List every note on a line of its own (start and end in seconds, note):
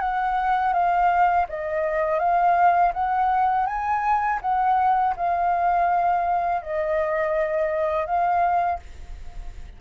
0.00 0.73 F#5
0.73 1.46 F5
1.49 2.19 D#5
2.19 2.92 F5
2.93 3.66 F#5
3.66 4.39 G#5
4.41 5.15 F#5
5.16 6.62 F5
6.62 8.06 D#5
8.06 8.79 F5